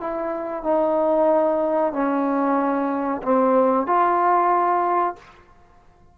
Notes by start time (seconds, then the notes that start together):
0.00 E4
0.63 D#4
1.92 C#4
3.22 C4
3.86 F4